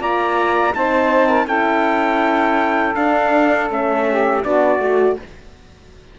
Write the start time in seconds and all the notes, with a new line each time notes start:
0.00 A#3 F4 D5 A#5
0.75 C4 D#4 C5 A5
1.28 A#4
1.47 C#4 E4 A4 G5
2.95 D4 F5
3.69 A3 C#4 E5
4.10 G4
4.44 B3 D4 F#4 D5
4.79 A3 F#4